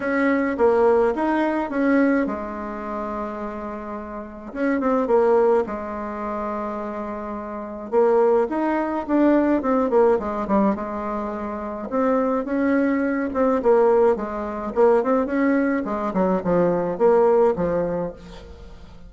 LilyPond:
\new Staff \with { instrumentName = "bassoon" } { \time 4/4 \tempo 4 = 106 cis'4 ais4 dis'4 cis'4 | gis1 | cis'8 c'8 ais4 gis2~ | gis2 ais4 dis'4 |
d'4 c'8 ais8 gis8 g8 gis4~ | gis4 c'4 cis'4. c'8 | ais4 gis4 ais8 c'8 cis'4 | gis8 fis8 f4 ais4 f4 | }